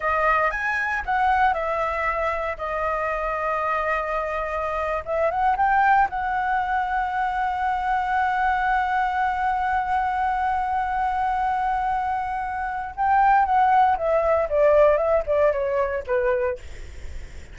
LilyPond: \new Staff \with { instrumentName = "flute" } { \time 4/4 \tempo 4 = 116 dis''4 gis''4 fis''4 e''4~ | e''4 dis''2.~ | dis''4.~ dis''16 e''8 fis''8 g''4 fis''16~ | fis''1~ |
fis''1~ | fis''1~ | fis''4 g''4 fis''4 e''4 | d''4 e''8 d''8 cis''4 b'4 | }